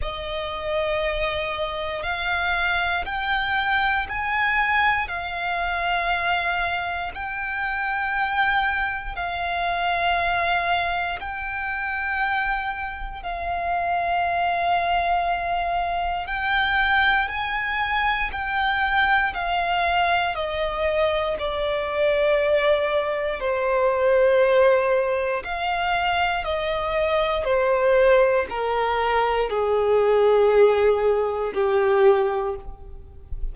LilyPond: \new Staff \with { instrumentName = "violin" } { \time 4/4 \tempo 4 = 59 dis''2 f''4 g''4 | gis''4 f''2 g''4~ | g''4 f''2 g''4~ | g''4 f''2. |
g''4 gis''4 g''4 f''4 | dis''4 d''2 c''4~ | c''4 f''4 dis''4 c''4 | ais'4 gis'2 g'4 | }